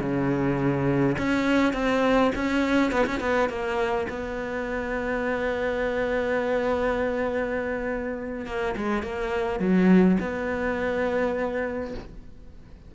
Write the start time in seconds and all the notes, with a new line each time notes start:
0.00 C#3
1.18 C#4
1.73 C4
2.35 C#4
2.92 B3
3.06 C#4
3.20 B3
3.49 A#3
4.09 B3
8.46 A#3
8.76 G#3
9.03 A#3
9.60 F#3
10.20 B3